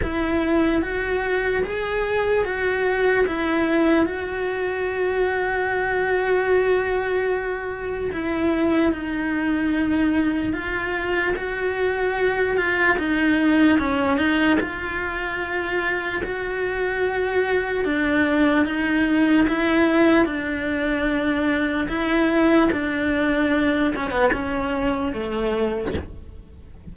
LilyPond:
\new Staff \with { instrumentName = "cello" } { \time 4/4 \tempo 4 = 74 e'4 fis'4 gis'4 fis'4 | e'4 fis'2.~ | fis'2 e'4 dis'4~ | dis'4 f'4 fis'4. f'8 |
dis'4 cis'8 dis'8 f'2 | fis'2 d'4 dis'4 | e'4 d'2 e'4 | d'4. cis'16 b16 cis'4 a4 | }